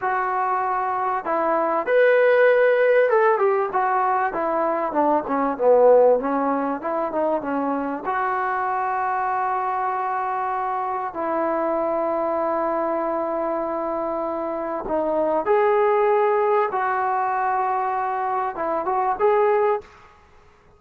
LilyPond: \new Staff \with { instrumentName = "trombone" } { \time 4/4 \tempo 4 = 97 fis'2 e'4 b'4~ | b'4 a'8 g'8 fis'4 e'4 | d'8 cis'8 b4 cis'4 e'8 dis'8 | cis'4 fis'2.~ |
fis'2 e'2~ | e'1 | dis'4 gis'2 fis'4~ | fis'2 e'8 fis'8 gis'4 | }